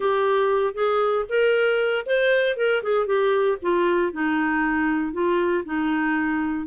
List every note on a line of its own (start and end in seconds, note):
0.00 0.74 G4
0.74 1.25 G#4
1.28 2.05 A#4
2.06 2.56 C5
2.56 2.82 A#4
2.83 3.06 G#4
3.06 3.57 G4
3.62 4.12 F4
4.12 5.12 D#4
5.12 5.64 F4
5.65 6.66 D#4